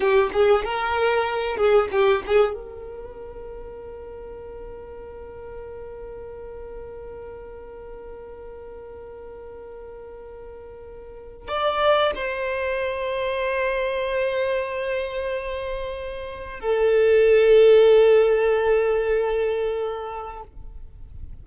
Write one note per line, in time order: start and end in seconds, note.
0.00 0.30 G4
0.32 0.64 G#4
0.64 1.56 A#4
1.56 1.88 G#4
1.91 2.23 G4
2.26 2.54 G#4
2.54 11.47 A#4
11.47 12.11 D5
12.15 16.60 C5
16.60 20.43 A4